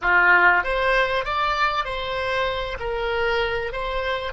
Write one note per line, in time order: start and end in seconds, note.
0.01 0.63 F4
0.63 1.24 C5
1.24 1.84 D5
1.84 2.77 C5
2.79 3.72 A#4
3.72 4.32 C5